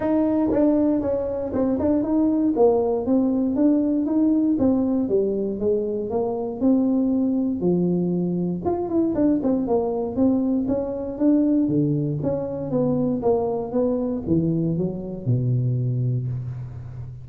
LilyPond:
\new Staff \with { instrumentName = "tuba" } { \time 4/4 \tempo 4 = 118 dis'4 d'4 cis'4 c'8 d'8 | dis'4 ais4 c'4 d'4 | dis'4 c'4 g4 gis4 | ais4 c'2 f4~ |
f4 f'8 e'8 d'8 c'8 ais4 | c'4 cis'4 d'4 d4 | cis'4 b4 ais4 b4 | e4 fis4 b,2 | }